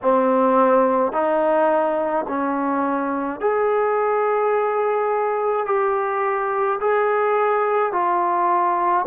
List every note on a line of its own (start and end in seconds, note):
0.02 1.12 C4
1.12 2.25 D#4
2.27 3.40 C#4
3.40 5.66 G#4
5.66 6.79 G4
6.80 7.92 G#4
7.92 9.05 F4